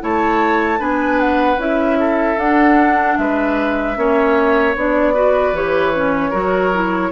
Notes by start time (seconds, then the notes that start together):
0.00 A3 E4 C#5 A5
0.78 B3 D4 B4 G#5
1.20 F#5
1.56 C#4 E4 E5
1.99 A4
2.37 D4 F#5
3.17 G#3 B4 E5
3.96 A#3 C#4 C#5
4.75 B3 D4 D5
5.14 F#4 B4
5.52 E3 G4 C#5
5.94 C#4
6.30 F#3 F#4 A#4
6.73 E4